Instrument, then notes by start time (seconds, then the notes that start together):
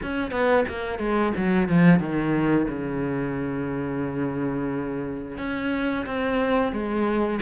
cello
0.02 C#4
0.31 B3
0.68 A#3
0.99 G#3
1.36 F#3
1.68 F3
1.99 D#3
2.68 C#3
5.37 C#4
6.06 C4
6.72 G#3